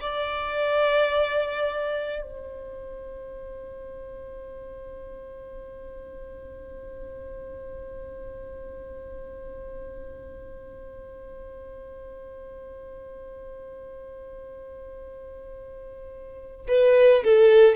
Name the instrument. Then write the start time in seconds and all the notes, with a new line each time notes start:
violin
0.00 D5
2.22 C5
16.67 B4
17.23 A4